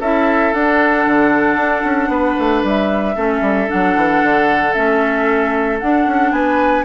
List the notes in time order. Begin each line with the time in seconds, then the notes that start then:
0.00 C#4 E4 A4 E5
0.53 D4 F#5
1.06 D3
1.56 D4
1.84 C#4
2.08 B3 B4
2.39 A3
2.63 G3 E5
3.15 A3 C#4 A4
3.41 G3
3.67 D4 F#5
3.73 F#3
3.96 E3
4.22 D3
4.73 A3 C#4 E5
5.79 D4 F#5
6.06 C#4
6.31 B3 B4 G#5